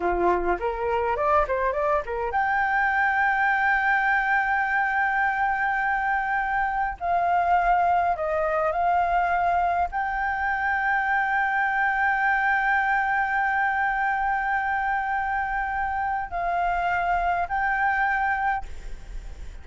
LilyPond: \new Staff \with { instrumentName = "flute" } { \time 4/4 \tempo 4 = 103 f'4 ais'4 d''8 c''8 d''8 ais'8 | g''1~ | g''1 | f''2 dis''4 f''4~ |
f''4 g''2.~ | g''1~ | g''1 | f''2 g''2 | }